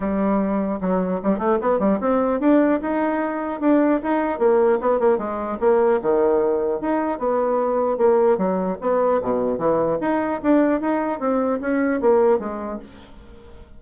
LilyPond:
\new Staff \with { instrumentName = "bassoon" } { \time 4/4 \tempo 4 = 150 g2 fis4 g8 a8 | b8 g8 c'4 d'4 dis'4~ | dis'4 d'4 dis'4 ais4 | b8 ais8 gis4 ais4 dis4~ |
dis4 dis'4 b2 | ais4 fis4 b4 b,4 | e4 dis'4 d'4 dis'4 | c'4 cis'4 ais4 gis4 | }